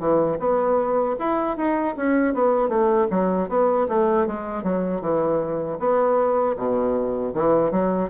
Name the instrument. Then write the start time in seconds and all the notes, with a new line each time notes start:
bassoon
0.00 E3
0.40 B3
1.20 E4
1.57 D#4
1.97 C#4
2.34 B3
2.69 A3
3.11 F#3
3.49 B3
3.89 A3
4.28 G#3
4.64 F#3
5.02 E3
5.80 B3
6.57 B2
7.35 E3
7.72 F#3